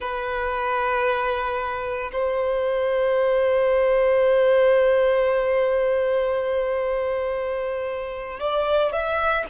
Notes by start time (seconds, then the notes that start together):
0.00 B4
2.12 C5
8.39 D5
8.92 E5